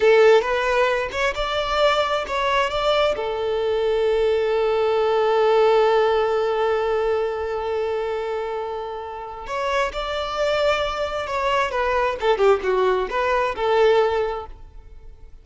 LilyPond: \new Staff \with { instrumentName = "violin" } { \time 4/4 \tempo 4 = 133 a'4 b'4. cis''8 d''4~ | d''4 cis''4 d''4 a'4~ | a'1~ | a'1~ |
a'1~ | a'4 cis''4 d''2~ | d''4 cis''4 b'4 a'8 g'8 | fis'4 b'4 a'2 | }